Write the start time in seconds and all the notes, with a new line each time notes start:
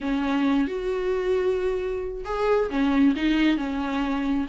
0.00 C#4
0.67 F#4
2.24 G#4
2.70 C#4
3.16 D#4
3.57 C#4